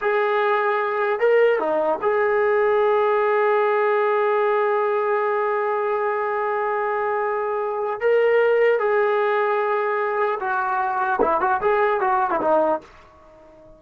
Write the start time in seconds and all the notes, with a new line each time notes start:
0.01 G#4
1.19 A#4
1.59 D#4
2.01 G#4
8.00 A#4
8.79 G#4
10.39 F#4
11.21 E4
11.40 F#4
11.61 G#4
12.00 F#4
12.30 E4
12.41 D#4